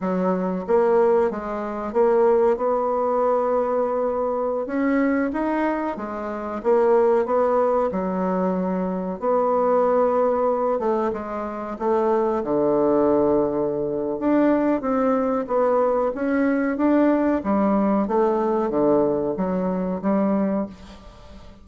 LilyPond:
\new Staff \with { instrumentName = "bassoon" } { \time 4/4 \tempo 4 = 93 fis4 ais4 gis4 ais4 | b2.~ b16 cis'8.~ | cis'16 dis'4 gis4 ais4 b8.~ | b16 fis2 b4.~ b16~ |
b8. a8 gis4 a4 d8.~ | d2 d'4 c'4 | b4 cis'4 d'4 g4 | a4 d4 fis4 g4 | }